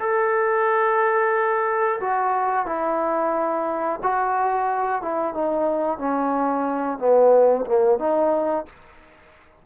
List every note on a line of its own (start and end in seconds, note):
0.00 2.00 A4
2.01 2.66 F#4
2.66 4.00 E4
4.03 5.02 F#4
5.02 5.34 E4
5.34 5.98 D#4
5.98 6.98 C#4
6.99 7.65 B3
7.66 7.99 A#3
7.99 8.66 D#4